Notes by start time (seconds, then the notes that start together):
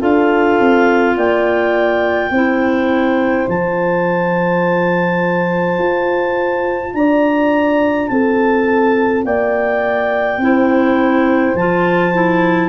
0.00 D4 F4 A4 F5
0.60 C4
1.17 A#3 D5 G5
2.31 C4 E4 C5
3.49 F3 F4 A5
5.79 F4
6.94 D4 D5 A#5
8.08 C4 A4 A5
9.25 A#3 D5 G5
10.38 C4 E4 C5
11.55 F3 F4 A5
12.14 E4